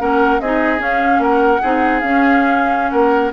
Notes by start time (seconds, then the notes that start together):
0.00 A#3 C#4 A#4 F#5
0.41 C4 D#4 G#4 D#5
0.79 C#4 F5
1.19 A#3 A#4 F#5
1.62 C4 D#4 G#4
2.00 C#4 F5
2.91 A#3 A#4 F#5